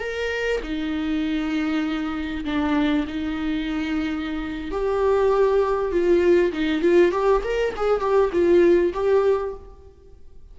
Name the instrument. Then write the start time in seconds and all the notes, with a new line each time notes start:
viola
0.00 A#4
0.63 D#4
2.45 D4
3.08 D#4
4.71 G4
5.92 F4
6.53 D#4
6.82 F4
7.12 G4
7.44 A#4
7.77 G#4
8.01 G4
8.33 F4
8.94 G4